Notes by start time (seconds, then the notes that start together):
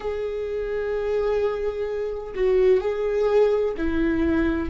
0.00 G#4
2.34 F#4
2.80 G#4
3.77 E4